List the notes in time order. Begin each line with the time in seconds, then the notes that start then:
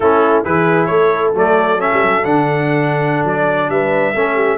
0.00 A3 C#4 E4 A4
0.44 E3 E4 G#4 B4
0.86 A3 A4 C#5
1.34 F#3 A3 D5
1.79 C#4 E5
1.92 G3
2.02 F#3
2.24 D3 D4 F#5
3.24 F#3 D5
3.68 G3 B4 E5
4.14 A3 C#4 A4
4.35 G4